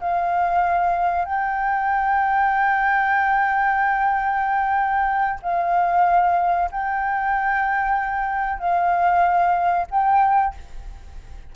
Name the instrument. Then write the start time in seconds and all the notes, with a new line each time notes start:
flute
0.00 F5
1.25 G5
5.42 F5
6.71 G5
8.59 F5
9.91 G5